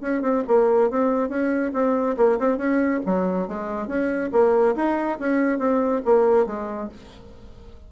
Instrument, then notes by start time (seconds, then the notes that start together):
bassoon
0.00 C#4
0.21 C4
0.47 A#3
0.90 C4
1.29 C#4
1.73 C4
2.17 A#3
2.38 C4
2.57 C#4
3.06 F#3
3.47 G#3
3.87 C#4
4.32 A#3
4.75 D#4
5.19 C#4
5.58 C4
6.05 A#3
6.46 G#3